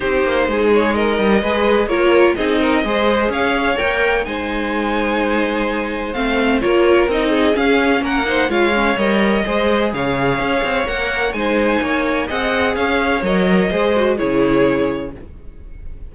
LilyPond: <<
  \new Staff \with { instrumentName = "violin" } { \time 4/4 \tempo 4 = 127 c''4. cis''8 dis''2 | cis''4 dis''2 f''4 | g''4 gis''2.~ | gis''4 f''4 cis''4 dis''4 |
f''4 fis''4 f''4 dis''4~ | dis''4 f''2 fis''4 | gis''2 fis''4 f''4 | dis''2 cis''2 | }
  \new Staff \with { instrumentName = "violin" } { \time 4/4 g'4 gis'4 ais'4 b'4 | ais'4 gis'8 ais'8 c''4 cis''4~ | cis''4 c''2.~ | c''2 ais'4. gis'8~ |
gis'4 ais'8 c''8 cis''2 | c''4 cis''2. | c''4 cis''4 dis''4 cis''4~ | cis''4 c''4 gis'2 | }
  \new Staff \with { instrumentName = "viola" } { \time 4/4 dis'2. gis'4 | f'4 dis'4 gis'2 | ais'4 dis'2.~ | dis'4 c'4 f'4 dis'4 |
cis'4. dis'8 f'8 cis'8 ais'4 | gis'2. ais'4 | dis'2 gis'2 | ais'4 gis'8 fis'8 e'2 | }
  \new Staff \with { instrumentName = "cello" } { \time 4/4 c'8 ais8 gis4. g8 gis4 | ais4 c'4 gis4 cis'4 | ais4 gis2.~ | gis4 a4 ais4 c'4 |
cis'4 ais4 gis4 g4 | gis4 cis4 cis'8 c'8 ais4 | gis4 ais4 c'4 cis'4 | fis4 gis4 cis2 | }
>>